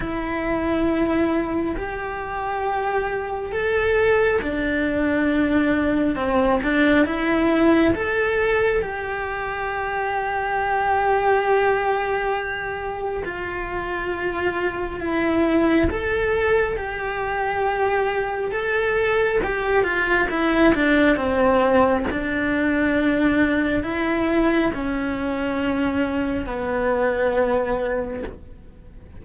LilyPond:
\new Staff \with { instrumentName = "cello" } { \time 4/4 \tempo 4 = 68 e'2 g'2 | a'4 d'2 c'8 d'8 | e'4 a'4 g'2~ | g'2. f'4~ |
f'4 e'4 a'4 g'4~ | g'4 a'4 g'8 f'8 e'8 d'8 | c'4 d'2 e'4 | cis'2 b2 | }